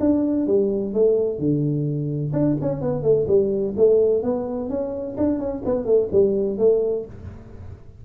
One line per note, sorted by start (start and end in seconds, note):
0.00 0.47 D4
0.47 0.93 G3
0.93 1.38 A3
1.38 2.32 D3
2.33 2.56 D4
2.61 2.81 C#4
2.81 3.03 B3
3.03 3.26 A3
3.27 3.74 G3
3.77 4.23 A3
4.23 4.69 B3
4.69 5.16 C#4
5.17 5.39 D4
5.39 5.62 C#4
5.65 5.85 B3
5.85 6.08 A3
6.12 6.58 G3
6.58 7.05 A3